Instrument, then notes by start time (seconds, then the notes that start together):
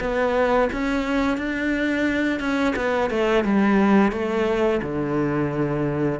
cello
0.00 B3
0.72 C#4
1.37 D4
2.40 C#4
2.76 B3
3.10 A3
3.44 G3
4.12 A3
4.82 D3